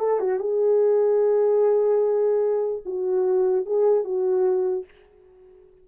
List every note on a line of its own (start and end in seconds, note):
0.00 0.20 A4
0.20 0.40 F#4
0.40 2.83 G#4
2.86 3.66 F#4
3.66 4.04 G#4
4.04 4.86 F#4